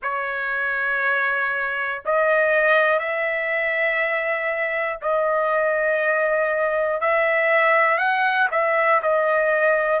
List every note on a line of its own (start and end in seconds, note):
0.02 2.02 C#5
2.05 2.99 D#5
2.99 4.99 E5
5.01 7.00 D#5
7.00 7.97 E5
7.97 8.47 F#5
8.51 9.01 E5
9.02 10.00 D#5